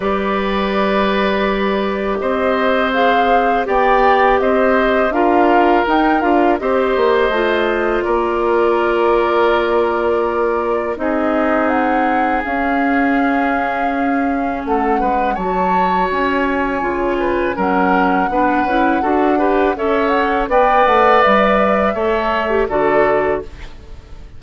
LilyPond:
<<
  \new Staff \with { instrumentName = "flute" } { \time 4/4 \tempo 4 = 82 d''2. dis''4 | f''4 g''4 dis''4 f''4 | g''8 f''8 dis''2 d''4~ | d''2. dis''4 |
fis''4 f''2. | fis''4 a''4 gis''2 | fis''2. e''8 fis''8 | g''8 fis''8 e''2 d''4 | }
  \new Staff \with { instrumentName = "oboe" } { \time 4/4 b'2. c''4~ | c''4 d''4 c''4 ais'4~ | ais'4 c''2 ais'4~ | ais'2. gis'4~ |
gis'1 | a'8 b'8 cis''2~ cis''8 b'8 | ais'4 b'4 a'8 b'8 cis''4 | d''2 cis''4 a'4 | }
  \new Staff \with { instrumentName = "clarinet" } { \time 4/4 g'1 | gis'4 g'2 f'4 | dis'8 f'8 g'4 f'2~ | f'2. dis'4~ |
dis'4 cis'2.~ | cis'4 fis'2 f'4 | cis'4 d'8 e'8 fis'8 g'8 a'4 | b'2 a'8. g'16 fis'4 | }
  \new Staff \with { instrumentName = "bassoon" } { \time 4/4 g2. c'4~ | c'4 b4 c'4 d'4 | dis'8 d'8 c'8 ais8 a4 ais4~ | ais2. c'4~ |
c'4 cis'2. | a8 gis8 fis4 cis'4 cis4 | fis4 b8 cis'8 d'4 cis'4 | b8 a8 g4 a4 d4 | }
>>